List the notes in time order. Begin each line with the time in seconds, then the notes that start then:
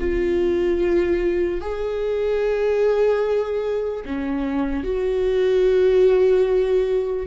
0.00 F4
1.61 G#4
4.05 C#4
4.84 F#4